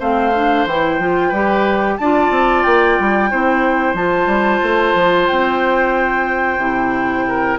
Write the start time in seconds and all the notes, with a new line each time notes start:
0.00 A3 C4 C5 F5
0.36 D4
0.66 E3 E4 G5
0.99 F3 F4
1.29 G3 G4 B4
1.98 D4 F4 D5 A5
2.31 C4
2.63 A#3 G5
2.99 G3
3.31 C4 E4 C5
3.94 F3 F4 A5
4.27 G3
4.63 A3
4.95 F3
5.28 C4 G5
6.58 C3 E4
7.28 A#4